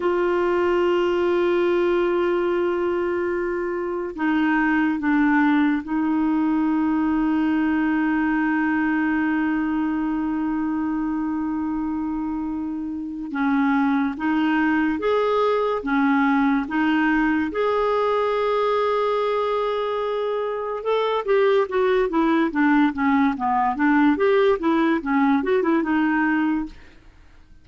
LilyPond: \new Staff \with { instrumentName = "clarinet" } { \time 4/4 \tempo 4 = 72 f'1~ | f'4 dis'4 d'4 dis'4~ | dis'1~ | dis'1 |
cis'4 dis'4 gis'4 cis'4 | dis'4 gis'2.~ | gis'4 a'8 g'8 fis'8 e'8 d'8 cis'8 | b8 d'8 g'8 e'8 cis'8 fis'16 e'16 dis'4 | }